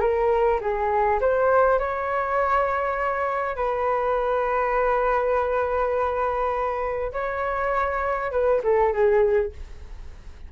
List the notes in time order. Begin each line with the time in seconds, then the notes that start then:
0.00 A#4
0.60 G#4
1.20 C5
1.79 C#5
3.56 B4
7.13 C#5
8.31 B4
8.63 A4
8.93 G#4